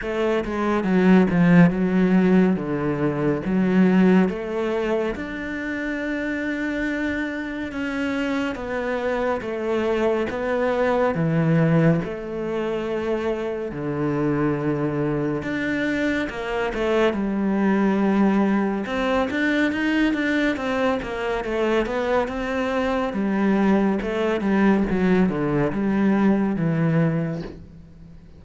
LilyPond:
\new Staff \with { instrumentName = "cello" } { \time 4/4 \tempo 4 = 70 a8 gis8 fis8 f8 fis4 d4 | fis4 a4 d'2~ | d'4 cis'4 b4 a4 | b4 e4 a2 |
d2 d'4 ais8 a8 | g2 c'8 d'8 dis'8 d'8 | c'8 ais8 a8 b8 c'4 g4 | a8 g8 fis8 d8 g4 e4 | }